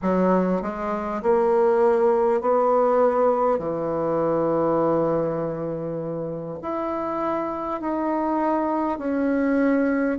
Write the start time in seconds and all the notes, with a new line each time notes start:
0.02 F#3
0.62 G#3
1.22 A#3
2.41 B3
3.58 E3
6.62 E4
7.80 D#4
8.98 C#4